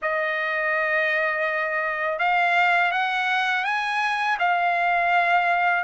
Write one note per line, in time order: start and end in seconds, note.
0.02 2.18 D#5
2.18 2.91 F5
2.91 3.64 F#5
3.64 4.37 G#5
4.39 5.84 F5